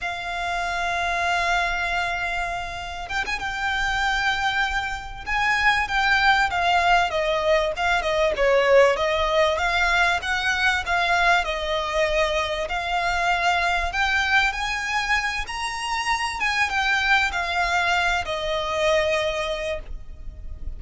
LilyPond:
\new Staff \with { instrumentName = "violin" } { \time 4/4 \tempo 4 = 97 f''1~ | f''4 g''16 gis''16 g''2~ g''8~ | g''8 gis''4 g''4 f''4 dis''8~ | dis''8 f''8 dis''8 cis''4 dis''4 f''8~ |
f''8 fis''4 f''4 dis''4.~ | dis''8 f''2 g''4 gis''8~ | gis''4 ais''4. gis''8 g''4 | f''4. dis''2~ dis''8 | }